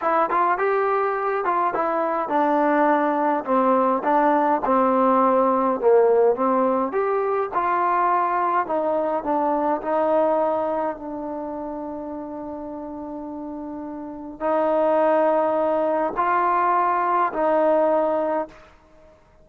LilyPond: \new Staff \with { instrumentName = "trombone" } { \time 4/4 \tempo 4 = 104 e'8 f'8 g'4. f'8 e'4 | d'2 c'4 d'4 | c'2 ais4 c'4 | g'4 f'2 dis'4 |
d'4 dis'2 d'4~ | d'1~ | d'4 dis'2. | f'2 dis'2 | }